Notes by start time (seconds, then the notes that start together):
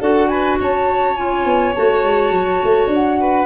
0.00 D4 F#4 A4 F#5
0.28 B4 G#5
0.60 C#4 C#5 A5
1.17 F4 G#5
1.45 B3
1.74 A3 F#4 A5
2.03 G#3
2.31 F#3
2.64 A3
2.87 D4
2.94 F#5
3.20 B4